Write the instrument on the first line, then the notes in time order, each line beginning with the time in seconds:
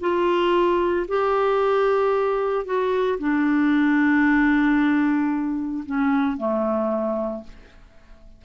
clarinet
0.00 F4
1.08 G4
2.65 F#4
3.18 D4
5.85 C#4
6.37 A3